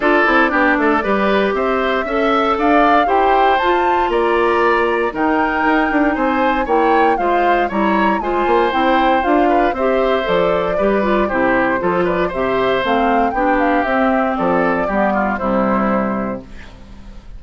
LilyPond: <<
  \new Staff \with { instrumentName = "flute" } { \time 4/4 \tempo 4 = 117 d''2. e''4~ | e''4 f''4 g''4 a''4 | ais''2 g''2 | gis''4 g''4 f''4 ais''4 |
gis''4 g''4 f''4 e''4 | d''2 c''4. d''8 | e''4 f''4 g''8 f''8 e''4 | d''2 c''2 | }
  \new Staff \with { instrumentName = "oboe" } { \time 4/4 a'4 g'8 a'8 b'4 c''4 | e''4 d''4 c''2 | d''2 ais'2 | c''4 cis''4 c''4 cis''4 |
c''2~ c''8 b'8 c''4~ | c''4 b'4 g'4 a'8 b'8 | c''2 g'2 | a'4 g'8 f'8 e'2 | }
  \new Staff \with { instrumentName = "clarinet" } { \time 4/4 f'8 e'8 d'4 g'2 | a'2 g'4 f'4~ | f'2 dis'2~ | dis'4 e'4 f'4 e'4 |
f'4 e'4 f'4 g'4 | a'4 g'8 f'8 e'4 f'4 | g'4 c'4 d'4 c'4~ | c'4 b4 g2 | }
  \new Staff \with { instrumentName = "bassoon" } { \time 4/4 d'8 c'8 b8 a8 g4 c'4 | cis'4 d'4 e'4 f'4 | ais2 dis4 dis'8 d'8 | c'4 ais4 gis4 g4 |
gis8 ais8 c'4 d'4 c'4 | f4 g4 c4 f4 | c4 a4 b4 c'4 | f4 g4 c2 | }
>>